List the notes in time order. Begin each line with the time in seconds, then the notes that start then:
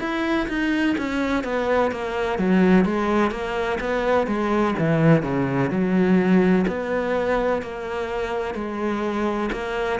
0.00 E4
0.48 D#4
0.98 C#4
1.44 B3
1.91 A#3
2.39 F#3
2.85 G#3
3.31 A#3
3.81 B3
4.27 G#3
4.79 E3
5.23 C#3
5.70 F#3
6.68 B3
7.62 A#3
8.55 G#3
9.52 A#3